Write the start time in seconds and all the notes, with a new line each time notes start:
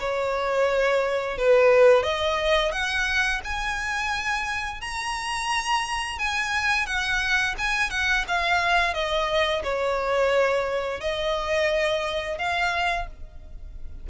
0.00 C#5
1.38 B4
2.03 D#5
2.72 F#5
3.45 G#5
4.81 A#5
6.19 G#5
6.86 F#5
7.58 G#5
7.91 F#5
8.28 F5
8.94 D#5
9.64 C#5
11.01 D#5
12.38 F5